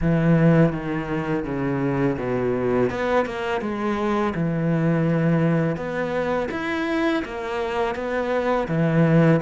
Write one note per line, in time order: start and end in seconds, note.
0.01 0.72 E3
0.72 1.44 D#3
1.44 2.17 C#3
2.18 2.89 B2
2.89 3.25 B3
3.25 3.61 A#3
3.61 4.33 G#3
4.34 5.76 E3
5.76 6.48 B3
6.51 7.23 E4
7.24 7.95 A#3
7.95 8.67 B3
8.68 9.40 E3